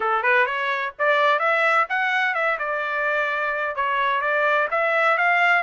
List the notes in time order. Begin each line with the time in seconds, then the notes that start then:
0.00 A4
0.22 B4
0.46 C#5
0.98 D5
1.39 E5
1.89 F#5
2.34 E5
2.58 D5
3.75 C#5
4.21 D5
4.70 E5
5.17 F5